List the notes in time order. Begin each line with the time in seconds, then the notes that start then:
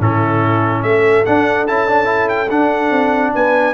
0.00 A2 C#4 E4 A4
0.83 A3 A4 E5
1.26 D4 F#5
1.68 C#4 E4 A5
1.89 D4
2.05 E4
2.29 G5
2.50 D4 F#5
2.91 C4
3.35 B3 B4 G#5